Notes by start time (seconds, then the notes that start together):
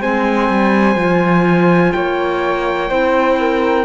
0.00 G#3 C4 C5 G#5
0.49 G3
0.95 F3 F4
1.92 A#3 C#5 G5
2.89 C4 E4 C5
3.39 A#4